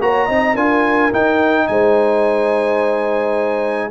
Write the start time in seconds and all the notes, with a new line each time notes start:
0.00 A#3 F#4 C#5 A#5
0.25 C4 D#4 D#5
0.54 D4 F4 A#4 G#5
1.12 D#4 G5
1.67 G#3 C5 G#5